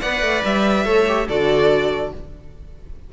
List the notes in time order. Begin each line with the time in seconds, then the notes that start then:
0.00 B3 B4 D5 F#5
0.21 A3
0.44 G3 E5
0.85 A3 A4 C#5
1.07 G4
1.28 D3 F#4 A4 D5